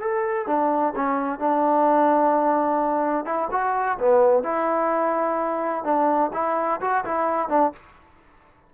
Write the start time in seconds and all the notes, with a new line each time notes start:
0.00 A4
0.46 D4
0.95 C#4
1.39 D4
3.25 E4
3.51 F#4
3.99 B3
4.43 E4
5.84 D4
6.33 E4
6.81 F#4
7.05 E4
7.49 D4